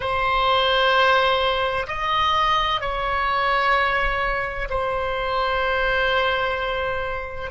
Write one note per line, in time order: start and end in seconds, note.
0.00 1.87 C5
1.87 2.80 D#5
2.80 4.68 C#5
4.69 7.50 C5